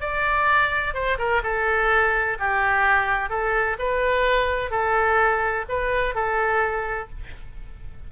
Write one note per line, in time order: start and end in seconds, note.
0.00 0.94 D5
0.94 1.17 C5
1.18 1.42 A#4
1.43 2.38 A4
2.39 3.29 G4
3.29 3.77 A4
3.79 4.70 B4
4.70 5.65 A4
5.69 6.14 B4
6.14 7.09 A4